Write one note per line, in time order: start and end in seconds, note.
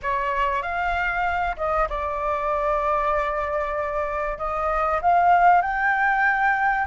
0.02 0.62 C#5
0.62 1.56 F5
1.56 1.88 D#5
1.89 4.38 D5
4.38 5.00 D#5
5.01 5.61 F5
5.61 6.86 G5